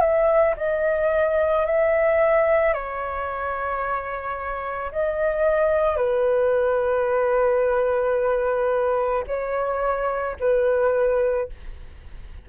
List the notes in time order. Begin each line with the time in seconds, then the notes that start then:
0.00 E5
0.56 D#5
1.65 E5
2.73 C#5
4.91 D#5
5.96 B4
9.27 C#5
10.39 B4